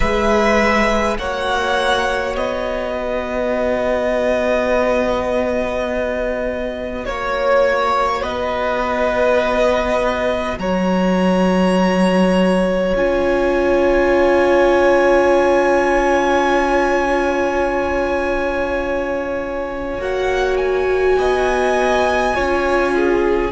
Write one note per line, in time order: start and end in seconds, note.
0.00 1.18 G#3
0.00 1.18 G#4
0.00 1.18 B4
0.00 1.16 E5
1.18 2.36 A#3
1.18 12.95 F#4
1.18 2.95 C#5
1.18 2.36 F#5
2.36 7.06 B3
2.36 7.05 D#5
2.95 7.06 B4
7.05 8.22 A#3
7.05 8.23 C#5
7.05 8.21 C#5
8.21 10.58 B3
8.21 10.56 B4
8.21 10.58 D#5
10.58 12.93 F#3
10.58 21.18 C#5
10.58 12.94 A#5
12.95 19.98 C#4
12.95 19.99 F4
12.95 20.01 G#5
19.98 21.16 A#3
19.98 22.34 F#4
19.98 20.56 F#5
20.56 23.50 G#5
21.18 22.36 B3
21.18 22.35 D#5
22.34 23.52 C#4
22.34 23.52 F4
22.34 22.93 C#5
22.95 23.52 G#4